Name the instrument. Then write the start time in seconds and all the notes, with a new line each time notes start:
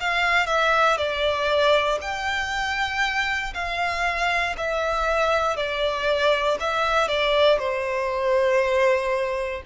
violin
0.00 F5
0.47 E5
0.98 D5
2.02 G5
3.54 F5
4.58 E5
5.57 D5
6.60 E5
7.08 D5
7.59 C5